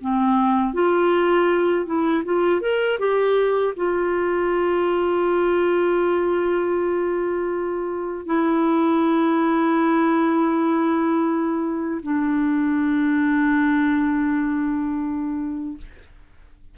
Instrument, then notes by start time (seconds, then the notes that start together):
clarinet
0.00 C4
0.73 F4
1.85 E4
2.24 F4
2.61 A#4
2.99 G4
3.76 F4
8.25 E4
12.02 D4